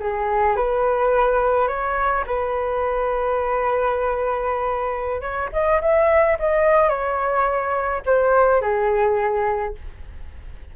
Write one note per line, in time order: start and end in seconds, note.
0.00 0.57 G#4
0.57 1.68 B4
1.68 2.25 C#5
2.27 5.21 B4
5.21 5.50 C#5
5.53 5.81 D#5
5.82 6.38 E5
6.39 6.89 D#5
6.89 8.02 C#5
8.06 8.62 C5
8.62 9.75 G#4